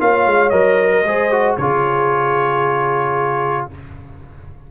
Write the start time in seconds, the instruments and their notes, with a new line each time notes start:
0.00 tuba A#3, trombone F4, horn C#5, trumpet F5
0.27 tuba G#3
0.50 tuba F#3, trombone A#4, trumpet D#5
0.92 horn A#4
1.05 tuba G#3, trombone G#4, horn C5
1.32 trombone F#4
1.57 tuba C#3, trombone F4, horn G#4, trumpet C#5